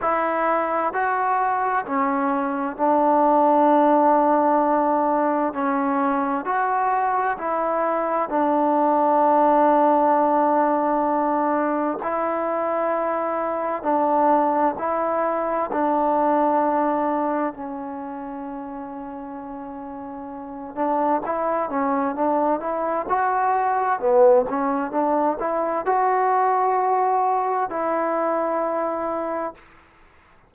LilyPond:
\new Staff \with { instrumentName = "trombone" } { \time 4/4 \tempo 4 = 65 e'4 fis'4 cis'4 d'4~ | d'2 cis'4 fis'4 | e'4 d'2.~ | d'4 e'2 d'4 |
e'4 d'2 cis'4~ | cis'2~ cis'8 d'8 e'8 cis'8 | d'8 e'8 fis'4 b8 cis'8 d'8 e'8 | fis'2 e'2 | }